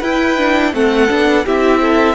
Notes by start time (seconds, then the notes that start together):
0.00 E4 B4 G5
0.38 D4
0.73 A3 C4 A4 F#5
1.08 B3 D4
1.45 C4 E4 G4 E5
1.81 A4